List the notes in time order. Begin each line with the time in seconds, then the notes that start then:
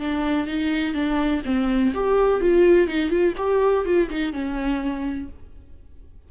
0.00 D4
0.48 D#4
0.94 D4
1.46 C4
1.95 G4
2.41 F4
2.88 D#4
3.10 F4
3.38 G4
3.86 F4
4.10 D#4
4.33 C#4